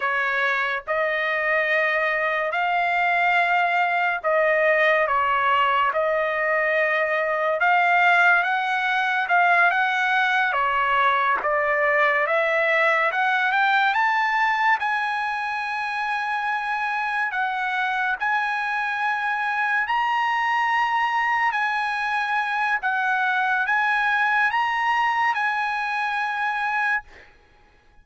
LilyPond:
\new Staff \with { instrumentName = "trumpet" } { \time 4/4 \tempo 4 = 71 cis''4 dis''2 f''4~ | f''4 dis''4 cis''4 dis''4~ | dis''4 f''4 fis''4 f''8 fis''8~ | fis''8 cis''4 d''4 e''4 fis''8 |
g''8 a''4 gis''2~ gis''8~ | gis''8 fis''4 gis''2 ais''8~ | ais''4. gis''4. fis''4 | gis''4 ais''4 gis''2 | }